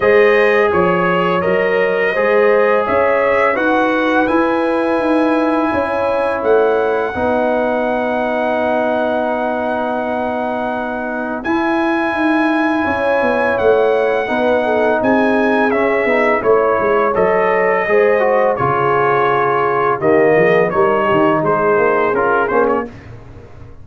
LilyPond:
<<
  \new Staff \with { instrumentName = "trumpet" } { \time 4/4 \tempo 4 = 84 dis''4 cis''4 dis''2 | e''4 fis''4 gis''2~ | gis''4 fis''2.~ | fis''1 |
gis''2. fis''4~ | fis''4 gis''4 e''4 cis''4 | dis''2 cis''2 | dis''4 cis''4 c''4 ais'8 c''16 cis''16 | }
  \new Staff \with { instrumentName = "horn" } { \time 4/4 c''4 cis''2 c''4 | cis''4 b'2. | cis''2 b'2~ | b'1~ |
b'2 cis''2 | b'8 a'8 gis'2 cis''4~ | cis''4 c''4 gis'2 | g'8 gis'8 ais'8 g'8 gis'2 | }
  \new Staff \with { instrumentName = "trombone" } { \time 4/4 gis'2 ais'4 gis'4~ | gis'4 fis'4 e'2~ | e'2 dis'2~ | dis'1 |
e'1 | dis'2 cis'8 dis'8 e'4 | a'4 gis'8 fis'8 f'2 | ais4 dis'2 f'8 cis'8 | }
  \new Staff \with { instrumentName = "tuba" } { \time 4/4 gis4 f4 fis4 gis4 | cis'4 dis'4 e'4 dis'4 | cis'4 a4 b2~ | b1 |
e'4 dis'4 cis'8 b8 a4 | b4 c'4 cis'8 b8 a8 gis8 | fis4 gis4 cis2 | dis8 f8 g8 dis8 gis8 ais8 cis'8 ais8 | }
>>